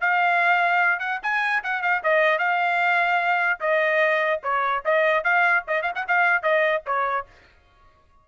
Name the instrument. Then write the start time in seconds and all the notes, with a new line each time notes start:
trumpet
0.00 F5
0.99 F#5
1.22 G#5
1.63 F#5
1.82 F5
2.03 D#5
2.38 F5
3.60 D#5
4.43 C#5
4.84 D#5
5.23 F5
5.67 D#5
5.82 F5
5.95 F#5
6.07 F5
6.42 D#5
6.86 C#5